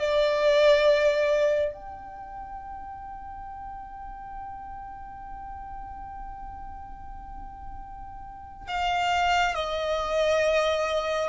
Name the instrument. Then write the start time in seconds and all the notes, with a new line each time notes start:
violin
0.00 D5
1.74 G5
8.68 F5
9.55 D#5